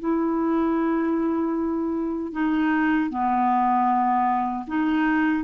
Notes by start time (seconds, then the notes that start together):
0.00 E4
2.33 D#4
3.10 B3
4.68 D#4